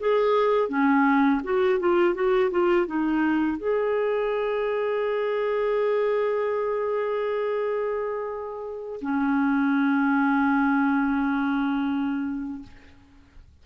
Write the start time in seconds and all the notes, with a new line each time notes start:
0.00 G#4
0.69 C#4
1.44 F#4
1.80 F4
2.15 F#4
2.51 F4
2.87 D#4
3.58 G#4
9.02 C#4